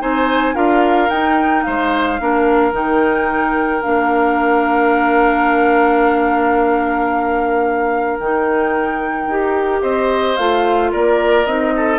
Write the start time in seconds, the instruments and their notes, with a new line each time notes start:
0.00 bassoon C4, clarinet D#4, oboe C5, flute G#5
0.54 bassoon D4, clarinet F4, oboe A#4, flute F5
1.09 bassoon D#4, clarinet D#4, flute G5
1.63 bassoon G#3, oboe C5, flute F5
2.19 bassoon A#3, clarinet D4, oboe A#4
2.72 bassoon D#3, clarinet D#4, flute G5
3.82 bassoon A#3, clarinet D4, flute F5
8.19 bassoon D#3, clarinet D#4, flute G5
9.27 bassoon D#4, clarinet G4
9.82 bassoon C4, oboe C5, flute D#5
10.36 bassoon A3, clarinet F4, flute F5
10.92 bassoon A#3, oboe A#4, flute D5
11.46 bassoon C4, clarinet D#4, flute D#5
11.76 oboe A4